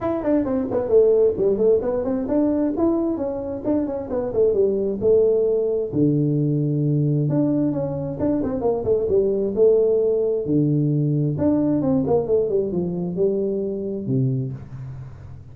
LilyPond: \new Staff \with { instrumentName = "tuba" } { \time 4/4 \tempo 4 = 132 e'8 d'8 c'8 b8 a4 g8 a8 | b8 c'8 d'4 e'4 cis'4 | d'8 cis'8 b8 a8 g4 a4~ | a4 d2. |
d'4 cis'4 d'8 c'8 ais8 a8 | g4 a2 d4~ | d4 d'4 c'8 ais8 a8 g8 | f4 g2 c4 | }